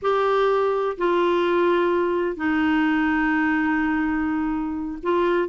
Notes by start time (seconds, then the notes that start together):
0.02 G4
0.97 F4
2.36 D#4
5.03 F4